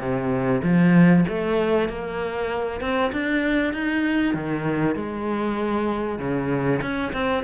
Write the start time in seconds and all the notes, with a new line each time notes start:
0.00 C3
0.64 F3
1.29 A3
1.89 A#3
2.81 C4
3.13 D4
3.74 D#4
4.34 D#3
4.96 G#3
6.19 C#3
6.82 C#4
7.13 C4